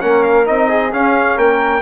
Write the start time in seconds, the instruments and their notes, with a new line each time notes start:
0.00 bassoon A#3, trombone C#4, flute A#4, trumpet F#5
0.23 trumpet F5
0.45 bassoon C4, trombone D#4, trumpet D#5
0.69 flute G#4
0.91 trombone C#4, bassoon C#4, trumpet F5
1.36 bassoon A#3, flute A#4, trumpet G5